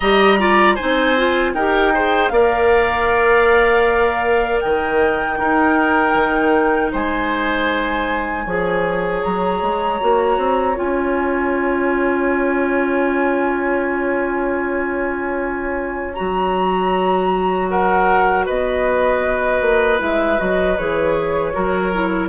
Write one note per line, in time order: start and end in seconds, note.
0.00 0.77 G3
0.00 0.38 G4
0.00 0.39 D#5
0.00 0.75 A#5
0.38 0.77 F4
0.38 0.75 D5
0.75 1.17 D#4
0.75 1.52 C5
0.75 1.52 G#5
0.81 1.54 C4
1.17 1.55 F4
1.54 2.30 D#4
1.54 1.94 G4
1.54 1.93 A#4
1.54 2.28 G5
1.94 2.31 G#4
1.94 2.32 C5
2.28 4.61 A#3
2.28 5.37 A#4
2.28 4.63 D5
2.28 4.59 F5
4.60 5.39 D#3
4.60 5.38 D#5
4.60 6.91 G5
5.37 8.45 D#4
5.37 6.14 D#4
5.37 6.92 A#4
6.14 6.91 D#3
6.92 8.46 G#3
6.92 8.45 C5
6.92 9.22 G#5
8.45 9.22 F3
8.45 10.00 G#4
8.45 17.68 C#5
9.22 9.61 F#3
9.22 10.76 A#5
9.61 10.00 G#3
10.00 10.37 A#3
10.00 10.75 F#4
10.37 10.76 C4
10.75 16.17 C#4
10.75 16.13 F4
10.75 16.14 G#5
16.14 18.49 F#3
16.14 19.98 F#4
16.14 17.67 A#5
17.68 18.45 A#4
17.68 18.45 F#5
18.45 19.61 B3
18.45 21.53 B4
18.45 20.00 D#5
19.61 19.99 A#3
19.98 20.38 G#3
19.98 20.37 E4
19.98 20.39 E5
20.37 20.78 F#3
20.37 20.75 F#4
20.37 20.77 D#5
20.77 21.54 E3
20.77 21.53 G#4
20.77 22.29 C#5
21.53 22.29 F#3
21.53 21.91 F#4
21.53 22.29 A#4
21.93 22.29 E4